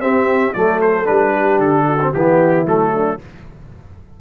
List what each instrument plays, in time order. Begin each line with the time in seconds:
0.00 tuba C4, trombone C4, horn G4, trumpet E5
0.54 tuba F#3, trombone A3, horn A4, trumpet D5
0.82 trumpet C5
1.05 tuba G3, trombone D4, trumpet B4
1.33 horn G4
1.59 tuba D3, trumpet A4
1.88 horn F#4
2.02 trombone C4
2.14 tuba E3, trombone B3, horn E4, trumpet G4
2.66 tuba F#3, trombone A3, trumpet A4
2.94 horn D4